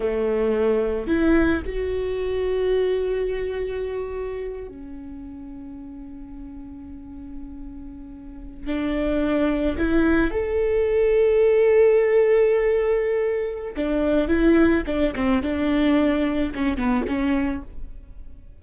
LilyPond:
\new Staff \with { instrumentName = "viola" } { \time 4/4 \tempo 4 = 109 a2 e'4 fis'4~ | fis'1~ | fis'8 cis'2.~ cis'8~ | cis'2.~ cis'8. d'16~ |
d'4.~ d'16 e'4 a'4~ a'16~ | a'1~ | a'4 d'4 e'4 d'8 c'8 | d'2 cis'8 b8 cis'4 | }